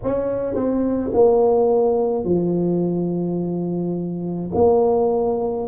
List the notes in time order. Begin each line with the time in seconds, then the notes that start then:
0.03 C#4
0.54 C4
1.13 A#3
2.24 F3
4.54 A#3